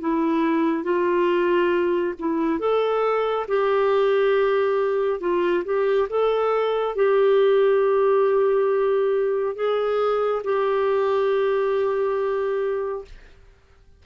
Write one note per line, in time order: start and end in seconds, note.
0.00 0.83 E4
0.83 2.14 F4
2.19 2.59 E4
2.59 3.46 A4
3.48 5.20 G4
5.20 5.64 F4
5.65 6.08 G4
6.09 6.95 A4
6.95 9.55 G4
9.55 10.42 G#4
10.43 13.04 G4